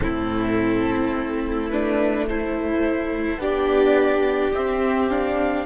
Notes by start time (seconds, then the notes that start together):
0.00 A2 C4 E4 A4
1.14 A3
1.69 D4 B4
2.27 E4 A4 C5
3.37 B3 D4 G4 D5
4.53 C4 E5
5.10 D4 F5